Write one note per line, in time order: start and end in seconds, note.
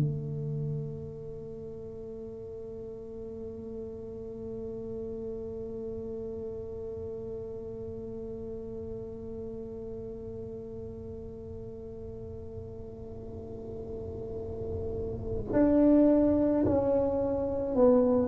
0.00 15.54 A3
15.54 16.65 D4
16.66 17.76 C#4
17.76 18.28 B3